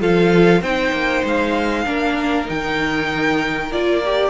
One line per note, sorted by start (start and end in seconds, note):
0.00 0.62 F3
0.00 0.62 F4
0.00 0.62 A4
0.00 0.63 F5
0.62 0.92 C4
0.62 1.86 D#4
0.62 1.86 C5
0.62 1.25 G5
0.92 1.23 A#3
1.25 1.87 G#3
1.25 2.50 F5
1.86 2.49 A#3
1.86 2.45 D4
1.86 4.30 A#4
2.45 3.72 D#3
2.45 3.69 D#4
2.45 3.73 G5
3.72 4.30 A#3
3.72 4.03 F4
3.72 4.30 D5
4.06 4.30 G4